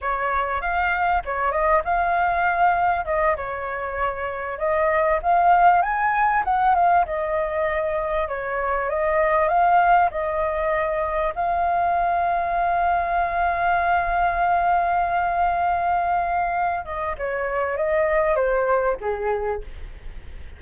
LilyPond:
\new Staff \with { instrumentName = "flute" } { \time 4/4 \tempo 4 = 98 cis''4 f''4 cis''8 dis''8 f''4~ | f''4 dis''8 cis''2 dis''8~ | dis''8 f''4 gis''4 fis''8 f''8 dis''8~ | dis''4. cis''4 dis''4 f''8~ |
f''8 dis''2 f''4.~ | f''1~ | f''2.~ f''8 dis''8 | cis''4 dis''4 c''4 gis'4 | }